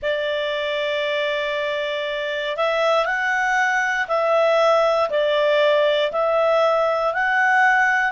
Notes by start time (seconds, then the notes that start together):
0.02 D5
2.57 E5
3.05 F#5
4.07 E5
5.09 D5
6.12 E5
7.13 F#5